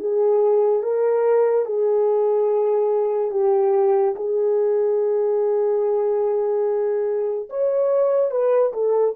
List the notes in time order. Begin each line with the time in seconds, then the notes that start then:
0.00 G#4
0.83 A#4
1.66 G#4
3.32 G4
4.16 G#4
7.50 C#5
8.31 B4
8.73 A4